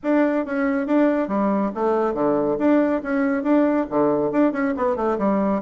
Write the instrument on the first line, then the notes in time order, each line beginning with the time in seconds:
bassoon
0.03 D4
0.45 C#4
0.86 D4
1.28 G3
1.74 A3
2.14 D3
2.58 D4
3.02 C#4
3.43 D4
3.89 D3
4.31 D4
4.52 C#4
4.77 B3
4.96 A3
5.18 G3